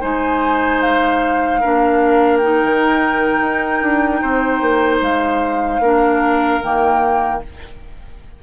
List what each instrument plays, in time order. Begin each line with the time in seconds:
0.00 bassoon G#3, clarinet D#4, oboe C5, flute G#5
0.81 flute F5
1.60 bassoon A#3, clarinet D4, oboe A#4
2.37 clarinet D#4, flute G5
2.63 bassoon D#3
3.41 bassoon D#4
3.82 bassoon D4
4.21 bassoon C4, oboe C5
4.61 bassoon A#3
5.00 bassoon G#3, flute F5
5.79 bassoon A#3, clarinet D4, oboe A#4
6.62 bassoon D#3, clarinet A#3, flute G5